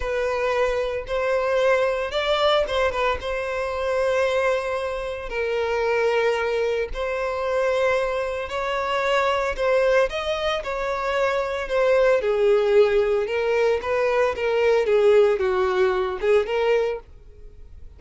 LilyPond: \new Staff \with { instrumentName = "violin" } { \time 4/4 \tempo 4 = 113 b'2 c''2 | d''4 c''8 b'8 c''2~ | c''2 ais'2~ | ais'4 c''2. |
cis''2 c''4 dis''4 | cis''2 c''4 gis'4~ | gis'4 ais'4 b'4 ais'4 | gis'4 fis'4. gis'8 ais'4 | }